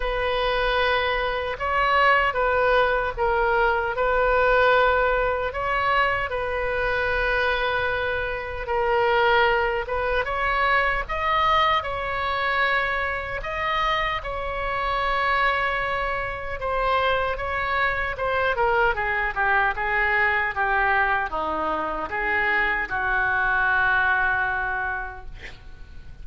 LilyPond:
\new Staff \with { instrumentName = "oboe" } { \time 4/4 \tempo 4 = 76 b'2 cis''4 b'4 | ais'4 b'2 cis''4 | b'2. ais'4~ | ais'8 b'8 cis''4 dis''4 cis''4~ |
cis''4 dis''4 cis''2~ | cis''4 c''4 cis''4 c''8 ais'8 | gis'8 g'8 gis'4 g'4 dis'4 | gis'4 fis'2. | }